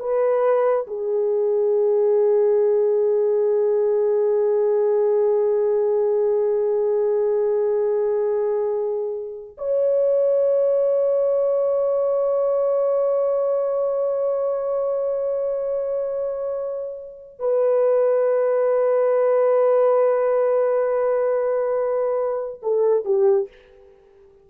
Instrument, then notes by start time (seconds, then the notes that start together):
horn
0.00 B4
0.87 G#4
9.58 C#5
17.40 B4
22.62 A4
23.06 G4